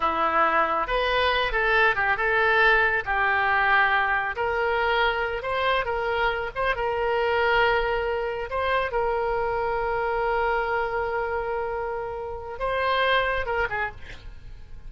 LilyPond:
\new Staff \with { instrumentName = "oboe" } { \time 4/4 \tempo 4 = 138 e'2 b'4. a'8~ | a'8 g'8 a'2 g'4~ | g'2 ais'2~ | ais'8 c''4 ais'4. c''8 ais'8~ |
ais'2.~ ais'8 c''8~ | c''8 ais'2.~ ais'8~ | ais'1~ | ais'4 c''2 ais'8 gis'8 | }